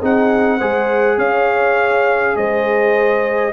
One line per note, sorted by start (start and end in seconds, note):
0.00 0.61 C4
0.00 0.61 D#4
0.00 0.58 G#4
0.00 1.19 F#5
0.58 1.18 G#3
0.58 3.53 G#4
0.58 1.17 C5
1.18 2.35 C#4
1.18 2.36 C#5
1.18 2.37 F5
2.37 3.53 G#3
2.37 3.53 C5
2.37 3.53 D#5